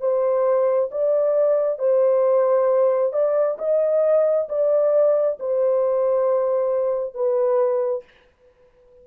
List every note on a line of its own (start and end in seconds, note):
0.00 0.90 C5
0.91 1.79 D5
1.79 3.13 C5
3.13 3.57 D5
3.58 4.48 D#5
4.49 5.38 D5
5.40 7.14 C5
7.14 8.04 B4